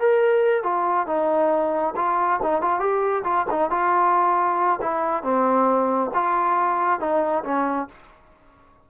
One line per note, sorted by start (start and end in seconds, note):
0.00 0.64 A#4
0.64 1.07 F4
1.07 1.95 D#4
1.97 2.40 F4
2.43 2.62 D#4
2.62 2.80 F4
2.80 3.24 G4
3.24 3.46 F4
3.51 3.71 D#4
3.71 4.80 F4
4.82 5.24 E4
5.24 6.11 C4
6.14 7.00 F4
7.00 7.44 D#4
7.45 7.88 C#4